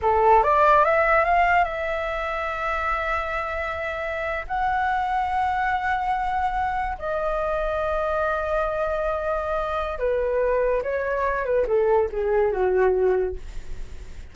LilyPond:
\new Staff \with { instrumentName = "flute" } { \time 4/4 \tempo 4 = 144 a'4 d''4 e''4 f''4 | e''1~ | e''2~ e''8. fis''4~ fis''16~ | fis''1~ |
fis''8. dis''2.~ dis''16~ | dis''1 | b'2 cis''4. b'8 | a'4 gis'4 fis'2 | }